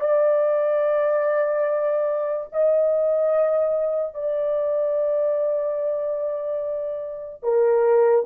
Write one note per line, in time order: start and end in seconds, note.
0.00 2.47 D5
2.52 4.14 D#5
4.14 7.43 D5
7.43 8.25 A#4